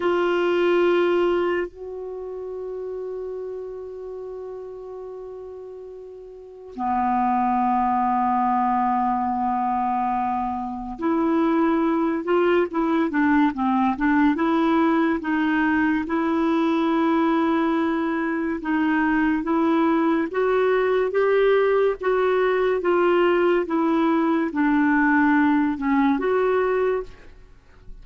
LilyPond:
\new Staff \with { instrumentName = "clarinet" } { \time 4/4 \tempo 4 = 71 f'2 fis'2~ | fis'1 | b1~ | b4 e'4. f'8 e'8 d'8 |
c'8 d'8 e'4 dis'4 e'4~ | e'2 dis'4 e'4 | fis'4 g'4 fis'4 f'4 | e'4 d'4. cis'8 fis'4 | }